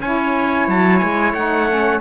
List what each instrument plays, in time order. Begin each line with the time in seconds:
0.00 cello C#4, saxophone E4, trumpet C#5 G#5
0.67 cello F#3, trumpet A5
0.98 cello G#3, trumpet G#5
1.33 cello A3, saxophone D#4, trumpet F#5
1.68 saxophone C#4